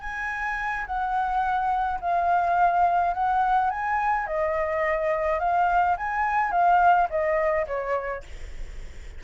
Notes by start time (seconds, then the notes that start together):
0.00 G#5
0.86 F#5
2.00 F5
3.13 F#5
3.70 G#5
4.26 D#5
5.39 F5
5.96 G#5
6.51 F5
7.09 D#5
7.66 C#5